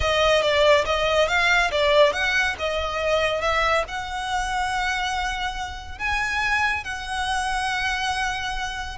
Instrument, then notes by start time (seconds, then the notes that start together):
violin
0.00 D#5
0.42 D5
0.85 D#5
1.28 F5
1.71 D5
2.13 F#5
2.58 D#5
3.41 E5
3.88 F#5
5.98 G#5
6.84 F#5